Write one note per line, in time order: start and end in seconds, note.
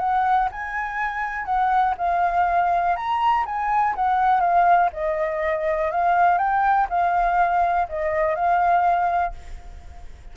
0.00 0.49 F#5
0.52 1.46 G#5
1.46 1.95 F#5
1.98 2.96 F5
2.96 3.45 A#5
3.46 3.95 G#5
3.96 4.41 F#5
4.41 4.90 F5
4.93 5.92 D#5
5.92 6.39 F5
6.39 6.88 G5
6.90 7.88 F5
7.89 8.36 D#5
8.36 9.34 F5